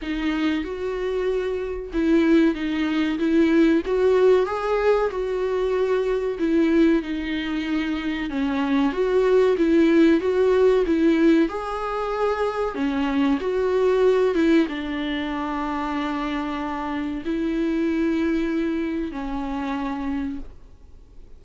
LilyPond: \new Staff \with { instrumentName = "viola" } { \time 4/4 \tempo 4 = 94 dis'4 fis'2 e'4 | dis'4 e'4 fis'4 gis'4 | fis'2 e'4 dis'4~ | dis'4 cis'4 fis'4 e'4 |
fis'4 e'4 gis'2 | cis'4 fis'4. e'8 d'4~ | d'2. e'4~ | e'2 cis'2 | }